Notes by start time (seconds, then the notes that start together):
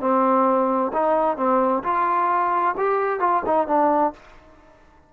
0.00 C4
0.93 D#4
1.37 C4
1.83 F4
2.77 G4
3.19 F4
3.46 D#4
3.67 D4